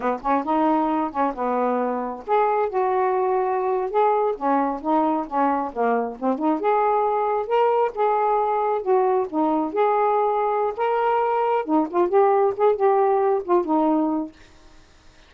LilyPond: \new Staff \with { instrumentName = "saxophone" } { \time 4/4 \tempo 4 = 134 b8 cis'8 dis'4. cis'8 b4~ | b4 gis'4 fis'2~ | fis'8. gis'4 cis'4 dis'4 cis'16~ | cis'8. ais4 c'8 dis'8 gis'4~ gis'16~ |
gis'8. ais'4 gis'2 fis'16~ | fis'8. dis'4 gis'2~ gis'16 | ais'2 dis'8 f'8 g'4 | gis'8 g'4. f'8 dis'4. | }